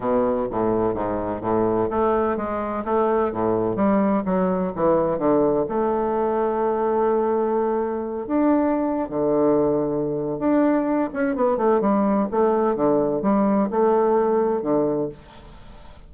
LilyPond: \new Staff \with { instrumentName = "bassoon" } { \time 4/4 \tempo 4 = 127 b,4 a,4 gis,4 a,4 | a4 gis4 a4 a,4 | g4 fis4 e4 d4 | a1~ |
a4. d'4.~ d'16 d8.~ | d2 d'4. cis'8 | b8 a8 g4 a4 d4 | g4 a2 d4 | }